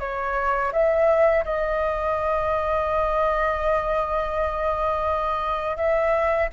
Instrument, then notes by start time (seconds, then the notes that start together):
flute
0.00 C#5
0.73 E5
1.45 D#5
5.77 E5